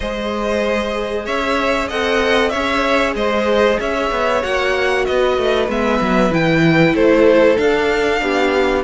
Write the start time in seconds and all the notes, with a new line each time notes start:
0.00 G#3 G#4 C5 D#5
1.25 C#4 C#5 E5
1.88 C4 A4 D#5 F#5
2.49 C#4 C#5 E5
2.55 G#4
3.15 G#3 C5 D#5
3.80 C#4 C#5 E5
4.10 B3
4.42 A#3 F#4 F#5
5.05 B3 B4 D#5
5.38 A3
5.68 G#3 B3 E5
6.00 F#3
6.30 E3 E4 G5
6.93 A3 A4 C5
7.57 D4 F5
8.21 B3 G4